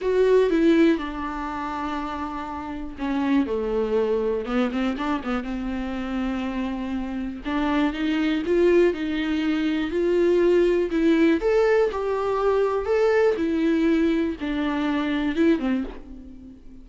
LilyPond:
\new Staff \with { instrumentName = "viola" } { \time 4/4 \tempo 4 = 121 fis'4 e'4 d'2~ | d'2 cis'4 a4~ | a4 b8 c'8 d'8 b8 c'4~ | c'2. d'4 |
dis'4 f'4 dis'2 | f'2 e'4 a'4 | g'2 a'4 e'4~ | e'4 d'2 e'8 c'8 | }